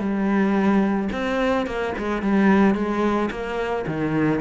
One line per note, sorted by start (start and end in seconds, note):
0.00 1.09 G3
1.12 1.67 C4
1.67 1.94 A#3
1.98 2.22 G#3
2.22 2.75 G3
2.75 3.30 G#3
3.31 3.85 A#3
3.87 4.41 D#3